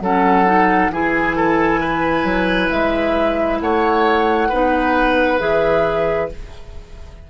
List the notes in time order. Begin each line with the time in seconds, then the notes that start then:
0.00 F#3 C#4 A4 F#5
0.46 D#4
0.90 E3 E4 G#4 G#5
1.36 A4
1.80 B4
2.23 F#3
2.70 G#3 E5
3.61 A3 C#5 F#5
4.49 B3 D#4 B4
5.39 E3 G#4 E5